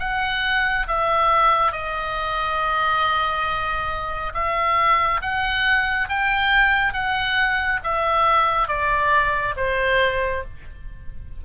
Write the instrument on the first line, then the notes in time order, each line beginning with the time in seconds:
oboe
0.00 F#5
0.88 E5
1.72 D#5
4.34 E5
5.22 F#5
6.09 G5
6.94 F#5
7.84 E5
8.68 D5
9.57 C5